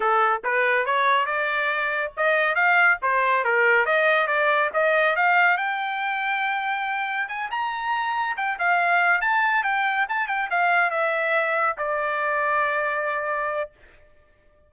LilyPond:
\new Staff \with { instrumentName = "trumpet" } { \time 4/4 \tempo 4 = 140 a'4 b'4 cis''4 d''4~ | d''4 dis''4 f''4 c''4 | ais'4 dis''4 d''4 dis''4 | f''4 g''2.~ |
g''4 gis''8 ais''2 g''8 | f''4. a''4 g''4 a''8 | g''8 f''4 e''2 d''8~ | d''1 | }